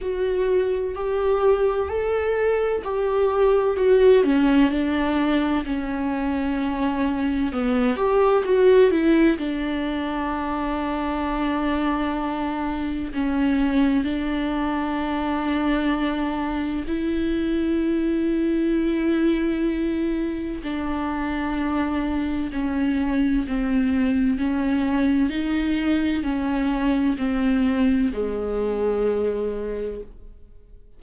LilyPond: \new Staff \with { instrumentName = "viola" } { \time 4/4 \tempo 4 = 64 fis'4 g'4 a'4 g'4 | fis'8 cis'8 d'4 cis'2 | b8 g'8 fis'8 e'8 d'2~ | d'2 cis'4 d'4~ |
d'2 e'2~ | e'2 d'2 | cis'4 c'4 cis'4 dis'4 | cis'4 c'4 gis2 | }